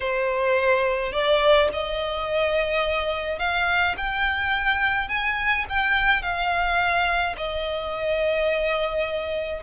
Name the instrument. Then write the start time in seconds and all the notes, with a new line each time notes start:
violin
0.00 C5
1.12 D5
1.72 D#5
3.38 F5
3.97 G5
5.08 G#5
5.69 G5
6.22 F5
7.37 D#5